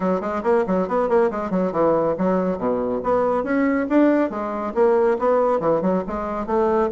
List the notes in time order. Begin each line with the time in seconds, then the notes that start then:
0.00 F#3
0.20 G#3
0.43 A#3
0.66 F#3
0.88 B3
1.08 A#3
1.30 G#3
1.50 F#3
1.71 E3
2.18 F#3
2.57 B2
3.03 B3
3.43 C#4
3.89 D4
4.30 G#3
4.74 A#3
5.18 B3
5.60 E3
5.81 F#3
6.07 G#3
6.46 A3